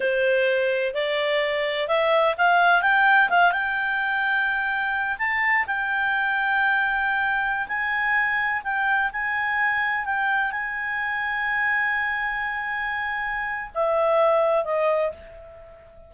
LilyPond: \new Staff \with { instrumentName = "clarinet" } { \time 4/4 \tempo 4 = 127 c''2 d''2 | e''4 f''4 g''4 f''8 g''8~ | g''2. a''4 | g''1~ |
g''16 gis''2 g''4 gis''8.~ | gis''4~ gis''16 g''4 gis''4.~ gis''16~ | gis''1~ | gis''4 e''2 dis''4 | }